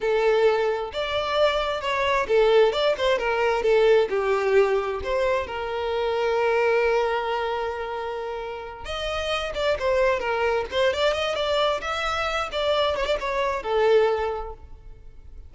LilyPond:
\new Staff \with { instrumentName = "violin" } { \time 4/4 \tempo 4 = 132 a'2 d''2 | cis''4 a'4 d''8 c''8 ais'4 | a'4 g'2 c''4 | ais'1~ |
ais'2.~ ais'8 dis''8~ | dis''4 d''8 c''4 ais'4 c''8 | d''8 dis''8 d''4 e''4. d''8~ | d''8 cis''16 d''16 cis''4 a'2 | }